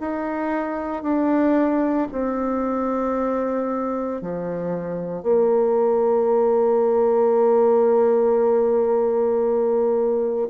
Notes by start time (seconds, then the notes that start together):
0.00 D#4
1.02 D4
2.11 C4
4.21 F3
5.22 A#3